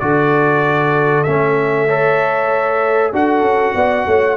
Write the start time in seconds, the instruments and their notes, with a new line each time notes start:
0.00 tuba D3, trombone F#4, horn A4, trumpet D5
1.24 tuba A3, trombone C#4, trumpet E5
1.86 trombone A4, horn C#5
3.13 tuba D4, trombone F#4, horn A4, trumpet F#5
3.42 tuba C#4
3.75 tuba B3, horn D5
4.07 tuba A3, horn C#5